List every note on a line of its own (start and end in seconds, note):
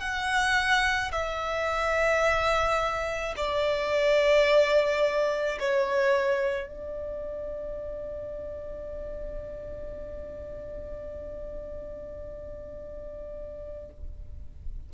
0.00 1.11 F#5
1.12 3.34 E5
3.36 5.59 D5
5.60 6.67 C#5
6.67 13.89 D5